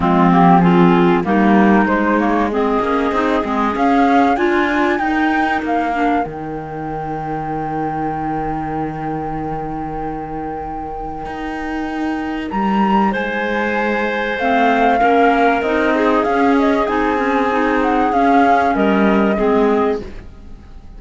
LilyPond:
<<
  \new Staff \with { instrumentName = "flute" } { \time 4/4 \tempo 4 = 96 f'8 g'8 gis'4 ais'4 c''8 cis''8 | dis''2 f''4 gis''4 | g''4 f''4 g''2~ | g''1~ |
g''1 | ais''4 gis''2 f''4~ | f''4 dis''4 f''8 dis''8 gis''4~ | gis''8 fis''8 f''4 dis''2 | }
  \new Staff \with { instrumentName = "clarinet" } { \time 4/4 c'4 f'4 dis'2 | gis'2. f'4 | ais'1~ | ais'1~ |
ais'1~ | ais'4 c''2. | ais'4. gis'2~ gis'8~ | gis'2 ais'4 gis'4 | }
  \new Staff \with { instrumentName = "clarinet" } { \time 4/4 gis8 ais8 c'4 ais4 gis8 ais8 | c'8 cis'8 dis'8 c'8 cis'4 f'4 | dis'4. d'8 dis'2~ | dis'1~ |
dis'1~ | dis'2. c'4 | cis'4 dis'4 cis'4 dis'8 cis'8 | dis'4 cis'2 c'4 | }
  \new Staff \with { instrumentName = "cello" } { \time 4/4 f2 g4 gis4~ | gis8 ais8 c'8 gis8 cis'4 d'4 | dis'4 ais4 dis2~ | dis1~ |
dis2 dis'2 | g4 gis2 a4 | ais4 c'4 cis'4 c'4~ | c'4 cis'4 g4 gis4 | }
>>